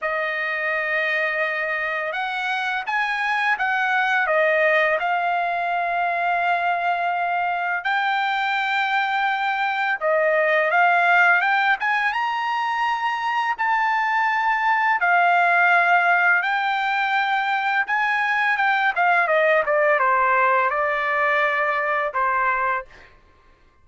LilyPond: \new Staff \with { instrumentName = "trumpet" } { \time 4/4 \tempo 4 = 84 dis''2. fis''4 | gis''4 fis''4 dis''4 f''4~ | f''2. g''4~ | g''2 dis''4 f''4 |
g''8 gis''8 ais''2 a''4~ | a''4 f''2 g''4~ | g''4 gis''4 g''8 f''8 dis''8 d''8 | c''4 d''2 c''4 | }